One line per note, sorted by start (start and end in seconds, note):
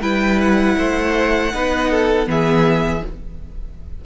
0.00 0.75 G3
0.00 1.51 E4
0.00 0.75 B4
0.00 0.39 G5
0.40 2.28 F#5
0.78 1.53 A3
0.78 1.53 C5
1.53 2.27 B3
1.53 2.26 D#4
1.53 1.90 B4
1.90 2.28 A4
2.26 3.02 E3
2.26 3.01 B3
2.26 3.05 G#4
2.26 3.05 E5